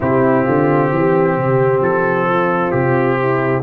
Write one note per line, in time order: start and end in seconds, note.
0.00 0.47 C3
0.00 3.62 C4
0.00 0.44 E4
0.00 1.83 G4
0.44 0.91 D3
0.44 0.89 F4
0.91 1.37 E3
0.91 2.28 G4
1.37 1.80 C3
1.80 2.71 F3
1.80 2.71 A4
2.29 3.20 F4
2.71 3.62 C3
2.71 3.62 G4
3.20 3.62 E4